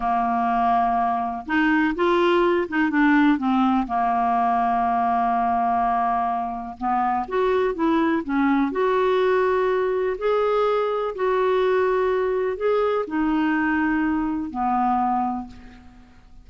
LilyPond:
\new Staff \with { instrumentName = "clarinet" } { \time 4/4 \tempo 4 = 124 ais2. dis'4 | f'4. dis'8 d'4 c'4 | ais1~ | ais2 b4 fis'4 |
e'4 cis'4 fis'2~ | fis'4 gis'2 fis'4~ | fis'2 gis'4 dis'4~ | dis'2 b2 | }